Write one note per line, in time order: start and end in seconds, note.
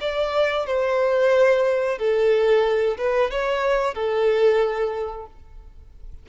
0.00 0.66 D5
0.66 1.98 C5
1.98 2.97 A4
2.97 3.30 B4
3.31 3.94 C#5
3.94 5.26 A4